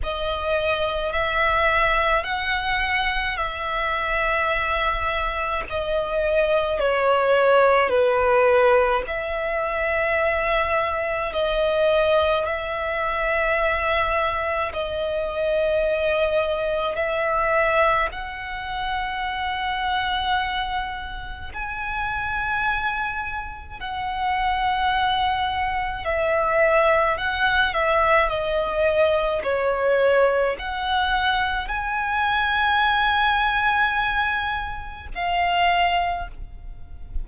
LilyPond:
\new Staff \with { instrumentName = "violin" } { \time 4/4 \tempo 4 = 53 dis''4 e''4 fis''4 e''4~ | e''4 dis''4 cis''4 b'4 | e''2 dis''4 e''4~ | e''4 dis''2 e''4 |
fis''2. gis''4~ | gis''4 fis''2 e''4 | fis''8 e''8 dis''4 cis''4 fis''4 | gis''2. f''4 | }